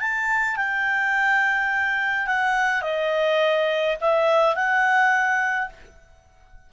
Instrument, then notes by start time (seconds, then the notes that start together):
clarinet
0.00 A5
0.56 G5
2.26 F#5
2.82 D#5
4.01 E5
4.55 F#5